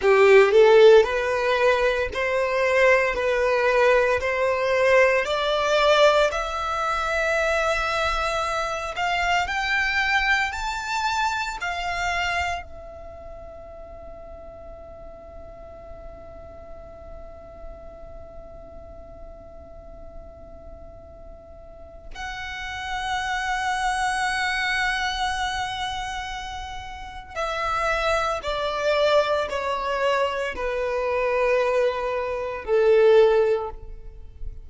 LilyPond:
\new Staff \with { instrumentName = "violin" } { \time 4/4 \tempo 4 = 57 g'8 a'8 b'4 c''4 b'4 | c''4 d''4 e''2~ | e''8 f''8 g''4 a''4 f''4 | e''1~ |
e''1~ | e''4 fis''2.~ | fis''2 e''4 d''4 | cis''4 b'2 a'4 | }